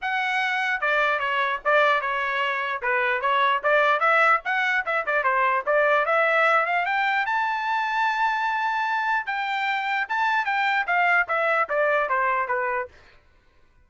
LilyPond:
\new Staff \with { instrumentName = "trumpet" } { \time 4/4 \tempo 4 = 149 fis''2 d''4 cis''4 | d''4 cis''2 b'4 | cis''4 d''4 e''4 fis''4 | e''8 d''8 c''4 d''4 e''4~ |
e''8 f''8 g''4 a''2~ | a''2. g''4~ | g''4 a''4 g''4 f''4 | e''4 d''4 c''4 b'4 | }